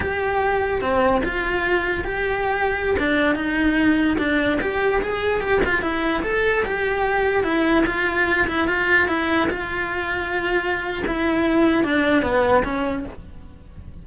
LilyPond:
\new Staff \with { instrumentName = "cello" } { \time 4/4 \tempo 4 = 147 g'2 c'4 f'4~ | f'4 g'2~ g'16 d'8.~ | d'16 dis'2 d'4 g'8.~ | g'16 gis'4 g'8 f'8 e'4 a'8.~ |
a'16 g'2 e'4 f'8.~ | f'8. e'8 f'4 e'4 f'8.~ | f'2. e'4~ | e'4 d'4 b4 cis'4 | }